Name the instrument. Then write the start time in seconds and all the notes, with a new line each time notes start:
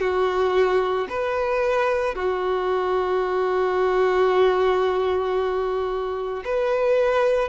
violin
0.00 F#4
1.10 B4
2.15 F#4
6.45 B4